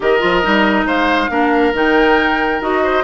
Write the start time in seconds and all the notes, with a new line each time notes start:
0.00 D#3 G4 A#4 D#5
0.19 F3 F4
0.42 G3 D#4
0.84 G#3 C5 F5
1.29 A#3 D4 A#4
1.73 D#3 D#4 G5
2.60 D#4 F#4 D#5
2.83 C5